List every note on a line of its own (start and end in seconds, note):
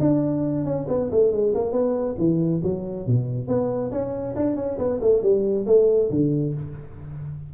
0.00 0.65 D4
0.65 0.87 C#4
0.89 1.10 B3
1.11 1.32 A3
1.32 1.54 G#3
1.55 1.72 A#3
1.72 2.16 B3
2.18 2.62 E3
2.63 3.07 F#3
3.07 3.48 B2
3.48 3.91 B3
3.91 4.35 C#4
4.36 4.56 D4
4.56 4.78 C#4
4.78 5.00 B3
5.01 5.22 A3
5.22 5.66 G3
5.66 6.10 A3
6.10 6.54 D3